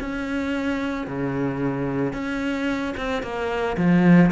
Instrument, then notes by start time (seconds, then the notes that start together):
cello
0.00 C#4
1.07 C#3
2.13 C#4
2.97 C4
3.23 A#3
3.77 F3